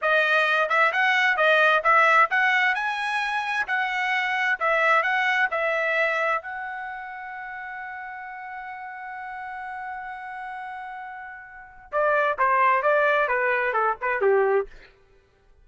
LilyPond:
\new Staff \with { instrumentName = "trumpet" } { \time 4/4 \tempo 4 = 131 dis''4. e''8 fis''4 dis''4 | e''4 fis''4 gis''2 | fis''2 e''4 fis''4 | e''2 fis''2~ |
fis''1~ | fis''1~ | fis''2 d''4 c''4 | d''4 b'4 a'8 b'8 g'4 | }